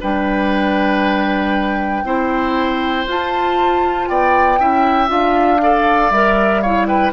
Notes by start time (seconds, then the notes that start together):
0.00 G3 D4 B4 G5
2.03 C4 E4 C5
3.06 F4 A5
4.08 B3 D5 G5
4.59 C#4 E4 E5
5.07 D4 F4 F5
5.61 A4 D5
6.10 G3 A#4 E5
6.61 E4 C#5 F5
6.87 B4 G5